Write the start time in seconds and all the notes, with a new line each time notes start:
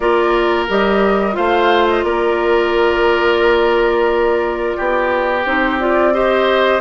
0.00 A#3 F4 A#4 D5
0.68 G3 G4 D#5
1.32 A3 F4 C5 F5
1.89 D#5
2.03 A#3 A#4 D5
4.77 B3 G4
5.45 C4 D#4 C5
5.79 F4 D5
6.13 G4 C5 D#5